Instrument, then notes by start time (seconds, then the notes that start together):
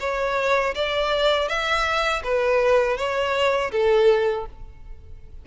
violin
0.00 C#5
0.74 D5
1.48 E5
2.23 B4
2.97 C#5
3.71 A4